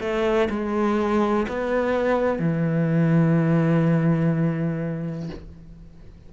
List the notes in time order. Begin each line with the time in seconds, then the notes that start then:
0.00 A3
0.50 G#3
1.48 B3
2.39 E3